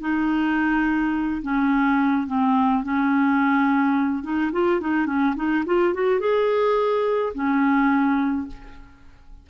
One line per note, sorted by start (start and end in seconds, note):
0.00 1.42 D#4
1.42 2.26 C#4
2.26 2.83 C4
2.83 4.23 C#4
4.23 4.51 D#4
4.52 4.80 F4
4.80 5.06 D#4
5.06 5.34 C#4
5.35 5.64 D#4
5.65 5.93 F4
5.93 6.19 F#4
6.19 7.33 G#4
7.34 8.47 C#4